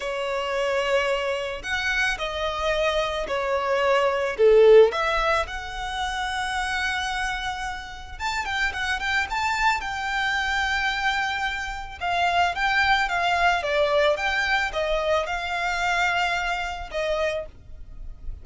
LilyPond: \new Staff \with { instrumentName = "violin" } { \time 4/4 \tempo 4 = 110 cis''2. fis''4 | dis''2 cis''2 | a'4 e''4 fis''2~ | fis''2. a''8 g''8 |
fis''8 g''8 a''4 g''2~ | g''2 f''4 g''4 | f''4 d''4 g''4 dis''4 | f''2. dis''4 | }